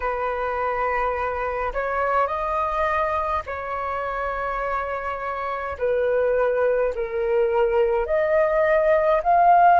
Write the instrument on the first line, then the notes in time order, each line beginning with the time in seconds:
flute
0.00 B4
1.73 C#5
2.27 D#5
3.46 C#5
5.78 B4
6.95 A#4
8.06 D#5
9.23 F5